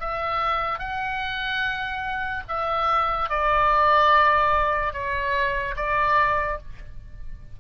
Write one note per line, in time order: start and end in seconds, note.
0.00 0.79 E5
0.79 2.44 F#5
2.48 3.29 E5
3.29 4.93 D5
4.93 5.75 C#5
5.76 6.58 D5